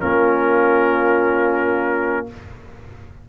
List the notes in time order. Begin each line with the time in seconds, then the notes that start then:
0.00 A#3 C#4 F4 A#4